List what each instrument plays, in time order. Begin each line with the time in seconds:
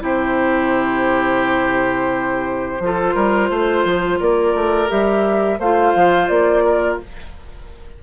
0.00 bassoon C3, clarinet E4, oboe G4, flute C5
2.80 bassoon F3, clarinet F4, oboe A4
3.15 bassoon G3, oboe A#4
3.50 bassoon A3, oboe C5
3.85 bassoon F3
4.20 bassoon A#3, oboe A#4, flute D5
4.54 bassoon A3
4.88 bassoon G3, clarinet G4, flute E5
5.59 bassoon A3, clarinet F4, oboe C5, flute F5
5.96 bassoon F3
6.28 bassoon A#3, flute D5
6.64 oboe A#4